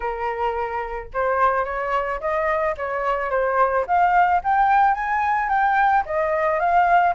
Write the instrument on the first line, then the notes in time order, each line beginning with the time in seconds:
flute
0.00 A#4
1.13 C5
1.65 C#5
2.20 D#5
2.77 C#5
3.30 C5
3.86 F5
4.43 G5
4.94 G#5
5.48 G5
6.05 D#5
6.59 F5